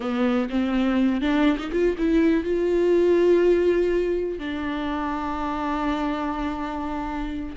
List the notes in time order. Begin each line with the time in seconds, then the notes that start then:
0.00 B3
0.49 C4
1.21 D4
1.58 D#4
1.71 F4
1.98 E4
2.44 F4
4.38 D4